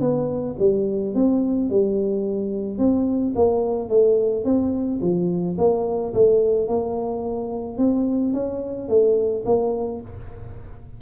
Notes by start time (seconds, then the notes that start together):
0.00 B3
0.59 G3
1.15 C4
1.70 G3
2.78 C4
3.35 A#3
3.89 A3
4.44 C4
5.01 F3
5.58 A#3
6.14 A3
6.68 A#3
7.78 C4
8.33 C#4
8.88 A3
9.45 A#3